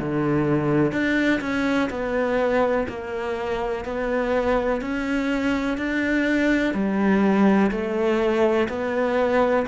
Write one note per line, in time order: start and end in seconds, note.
0.00 0.92 D3
0.92 1.40 D4
1.41 1.90 C#4
1.90 2.87 B3
2.89 3.85 A#3
3.85 4.81 B3
4.81 5.78 C#4
5.78 6.74 D4
6.74 7.71 G3
7.72 8.68 A3
8.69 9.66 B3